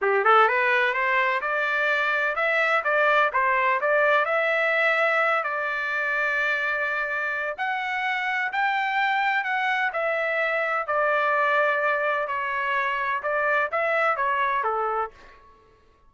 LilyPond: \new Staff \with { instrumentName = "trumpet" } { \time 4/4 \tempo 4 = 127 g'8 a'8 b'4 c''4 d''4~ | d''4 e''4 d''4 c''4 | d''4 e''2~ e''8 d''8~ | d''1 |
fis''2 g''2 | fis''4 e''2 d''4~ | d''2 cis''2 | d''4 e''4 cis''4 a'4 | }